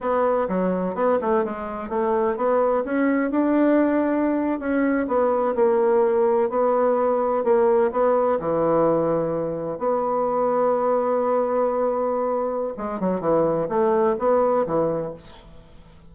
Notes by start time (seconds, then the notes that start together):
0.00 B3
0.48 F#3
0.94 B3
1.21 A3
1.44 G#3
1.89 A3
2.36 B3
2.84 C#4
3.30 D4
4.59 C#4
5.07 B3
5.55 A#3
6.49 B3
7.44 A#3
7.91 B3
8.39 E3
9.78 B3
12.77 G#3
13.00 F#3
13.20 E3
13.69 A3
14.18 B3
14.66 E3